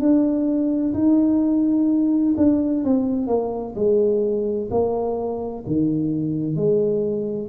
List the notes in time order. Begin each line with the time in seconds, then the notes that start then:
0.00 D4
0.94 D#4
2.37 D4
2.84 C4
3.27 A#3
3.76 G#3
4.71 A#3
5.67 D#3
6.56 G#3